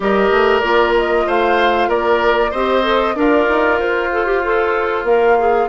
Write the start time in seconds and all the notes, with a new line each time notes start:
0.00 G3 G4 A#4 D#5
0.30 A3
0.60 A#3 F4 D5
0.97 D#5
1.26 A3 C5 F5
1.88 A#3 A#4 D5
2.50 C4 G4 C5 D#5
2.82 A4
3.15 D4 F4 A#4 D5
3.48 D#4
3.79 F4 C5
4.12 A4
4.26 G4
4.43 A4
5.03 A#3 A#4 F5
5.39 G#4